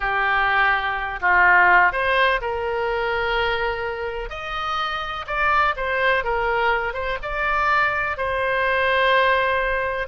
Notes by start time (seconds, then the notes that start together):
0.00 G4
1.20 F4
1.92 C5
2.41 A#4
4.29 D#5
5.26 D5
5.76 C5
6.24 A#4
6.93 C5
7.22 D5
8.17 C5